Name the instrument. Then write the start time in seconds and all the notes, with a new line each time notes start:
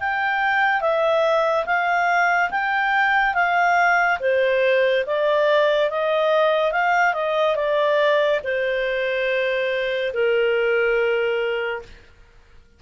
clarinet
0.00 G5
0.81 E5
1.66 F5
2.51 G5
3.35 F5
4.20 C5
5.06 D5
5.90 D#5
6.72 F5
7.14 D#5
7.56 D5
8.44 C5
10.13 A#4